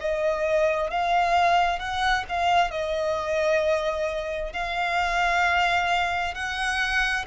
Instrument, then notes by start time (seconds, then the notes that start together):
violin
0.00 D#5
0.90 F5
1.79 F#5
2.29 F5
2.71 D#5
4.52 F5
6.34 F#5